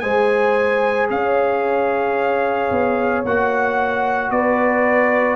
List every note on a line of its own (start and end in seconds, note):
0.00 1.10 G#3
0.00 3.24 G#4
0.00 1.10 C5
0.00 1.07 G#5
1.10 2.71 C#4
1.10 4.33 C#5
1.10 3.25 F5
2.71 3.24 B3
3.25 4.31 A#3
3.25 5.36 F#4
3.25 4.31 F#5
4.31 5.36 B3
4.31 5.36 B4
4.31 5.36 D5